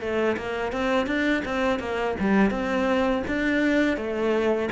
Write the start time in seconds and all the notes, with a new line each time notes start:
0.00 A3
0.37 A#3
0.72 C4
1.06 D4
1.45 C4
1.79 A#3
2.20 G3
2.51 C4
3.28 D4
3.97 A3